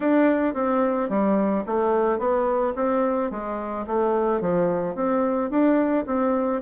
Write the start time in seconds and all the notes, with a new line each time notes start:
0.00 D4
0.54 C4
1.09 G3
1.66 A3
2.18 B3
2.75 C4
3.31 G#3
3.86 A3
4.40 F3
4.95 C4
5.50 D4
6.06 C4